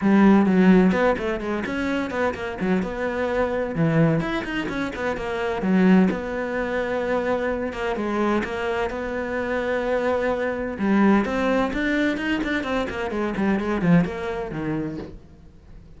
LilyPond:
\new Staff \with { instrumentName = "cello" } { \time 4/4 \tempo 4 = 128 g4 fis4 b8 a8 gis8 cis'8~ | cis'8 b8 ais8 fis8 b2 | e4 e'8 dis'8 cis'8 b8 ais4 | fis4 b2.~ |
b8 ais8 gis4 ais4 b4~ | b2. g4 | c'4 d'4 dis'8 d'8 c'8 ais8 | gis8 g8 gis8 f8 ais4 dis4 | }